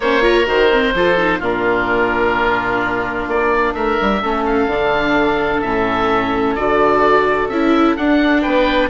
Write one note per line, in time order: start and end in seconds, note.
0.00 0.46 A#3
0.00 0.21 C#4
0.00 0.23 C5
0.00 0.47 C#5
0.21 0.45 F4
0.21 0.93 A#4
0.46 0.92 D#3
0.46 0.69 F#4
0.46 1.42 C5
0.72 0.95 C4
0.93 1.40 F3
0.93 1.17 F4
0.93 1.39 A4
1.17 1.41 D#4
1.39 3.27 A#2
1.39 4.22 D4
1.39 3.73 F4
1.39 3.29 A#4
3.27 3.74 A#3
3.27 3.73 D5
3.73 3.97 A3
3.73 4.21 A#4
3.73 4.44 E5
4.01 4.22 G3
4.21 4.66 A3
4.21 4.69 C#4
4.21 8.41 A4
4.46 5.61 F5
4.66 5.60 D3
4.66 5.64 D4
5.61 6.56 A2
5.61 6.57 C#4
5.61 6.54 E5
6.55 7.48 D3
6.55 7.50 F#4
6.55 7.48 D5
7.48 7.95 C#4
7.48 7.97 E4
7.48 7.95 E5
7.96 8.44 D4
7.96 8.89 D4
7.96 8.42 F#5
8.41 8.89 B3
8.41 8.88 B4
8.41 8.88 G5